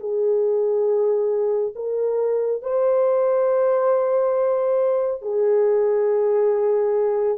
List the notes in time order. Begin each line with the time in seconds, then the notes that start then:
0.00 G#4
1.75 A#4
2.62 C5
5.22 G#4